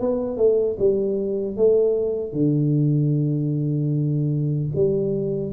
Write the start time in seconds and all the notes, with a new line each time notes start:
0.00 B3
0.37 A3
0.79 G3
1.56 A3
2.33 D3
4.75 G3